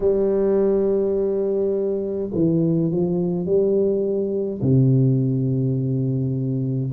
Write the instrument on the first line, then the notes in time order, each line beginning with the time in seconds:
tuba
0.00 G3
2.34 E3
2.91 F3
3.45 G3
4.61 C3